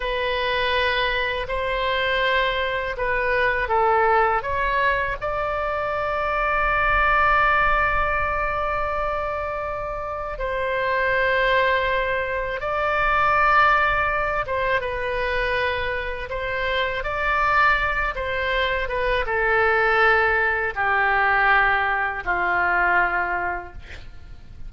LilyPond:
\new Staff \with { instrumentName = "oboe" } { \time 4/4 \tempo 4 = 81 b'2 c''2 | b'4 a'4 cis''4 d''4~ | d''1~ | d''2 c''2~ |
c''4 d''2~ d''8 c''8 | b'2 c''4 d''4~ | d''8 c''4 b'8 a'2 | g'2 f'2 | }